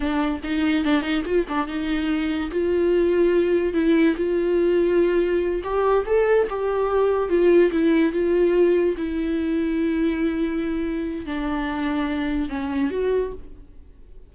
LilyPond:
\new Staff \with { instrumentName = "viola" } { \time 4/4 \tempo 4 = 144 d'4 dis'4 d'8 dis'8 f'8 d'8 | dis'2 f'2~ | f'4 e'4 f'2~ | f'4. g'4 a'4 g'8~ |
g'4. f'4 e'4 f'8~ | f'4. e'2~ e'8~ | e'2. d'4~ | d'2 cis'4 fis'4 | }